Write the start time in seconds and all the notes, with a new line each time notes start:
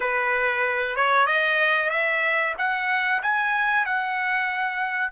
0.00 B4
0.96 C#5
1.26 D#5
1.90 E5
2.58 F#5
3.22 G#5
3.85 F#5